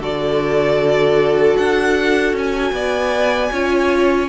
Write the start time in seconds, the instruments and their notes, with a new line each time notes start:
0.00 cello D3, viola F#4, violin A4 D5
1.58 cello D4, violin F#5
2.33 cello C#4, violin G#5
2.73 cello B3, violin D5
3.52 cello C#4, viola F4, violin C#5